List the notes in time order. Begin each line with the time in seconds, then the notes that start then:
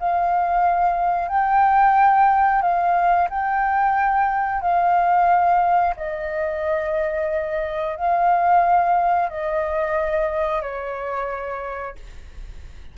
0.00 F5
1.29 G5
2.62 F5
3.31 G5
4.62 F5
5.97 D#5
7.97 F5
9.30 D#5
10.62 C#5